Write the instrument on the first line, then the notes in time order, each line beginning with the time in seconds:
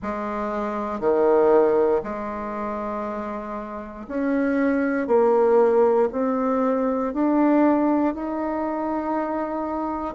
bassoon
0.02 G#3
0.99 D#3
2.03 G#3
4.08 C#4
5.07 A#3
6.12 C4
7.13 D4
8.14 D#4